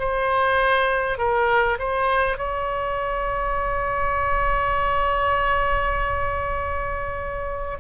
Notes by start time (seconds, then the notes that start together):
0.00 C5
1.19 A#4
1.79 C5
2.38 C#5